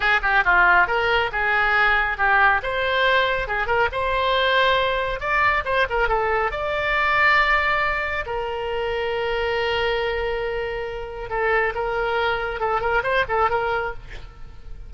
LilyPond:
\new Staff \with { instrumentName = "oboe" } { \time 4/4 \tempo 4 = 138 gis'8 g'8 f'4 ais'4 gis'4~ | gis'4 g'4 c''2 | gis'8 ais'8 c''2. | d''4 c''8 ais'8 a'4 d''4~ |
d''2. ais'4~ | ais'1~ | ais'2 a'4 ais'4~ | ais'4 a'8 ais'8 c''8 a'8 ais'4 | }